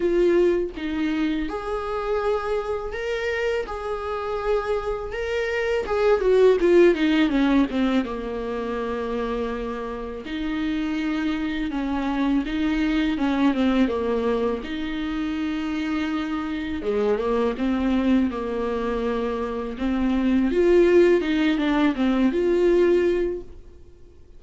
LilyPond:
\new Staff \with { instrumentName = "viola" } { \time 4/4 \tempo 4 = 82 f'4 dis'4 gis'2 | ais'4 gis'2 ais'4 | gis'8 fis'8 f'8 dis'8 cis'8 c'8 ais4~ | ais2 dis'2 |
cis'4 dis'4 cis'8 c'8 ais4 | dis'2. gis8 ais8 | c'4 ais2 c'4 | f'4 dis'8 d'8 c'8 f'4. | }